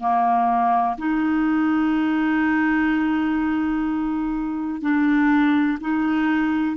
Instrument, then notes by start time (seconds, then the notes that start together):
clarinet
0.00 A#3
0.98 D#4
4.82 D4
5.81 D#4